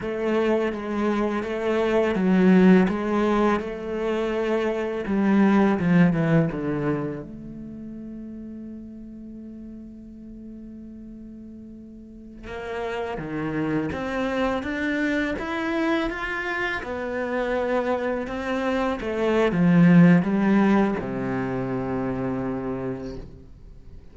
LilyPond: \new Staff \with { instrumentName = "cello" } { \time 4/4 \tempo 4 = 83 a4 gis4 a4 fis4 | gis4 a2 g4 | f8 e8 d4 a2~ | a1~ |
a4~ a16 ais4 dis4 c'8.~ | c'16 d'4 e'4 f'4 b8.~ | b4~ b16 c'4 a8. f4 | g4 c2. | }